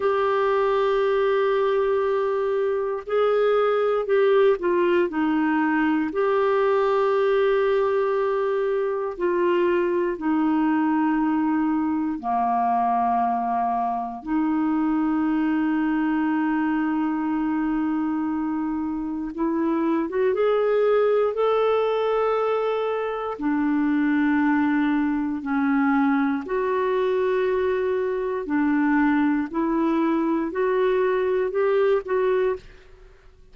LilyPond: \new Staff \with { instrumentName = "clarinet" } { \time 4/4 \tempo 4 = 59 g'2. gis'4 | g'8 f'8 dis'4 g'2~ | g'4 f'4 dis'2 | ais2 dis'2~ |
dis'2. e'8. fis'16 | gis'4 a'2 d'4~ | d'4 cis'4 fis'2 | d'4 e'4 fis'4 g'8 fis'8 | }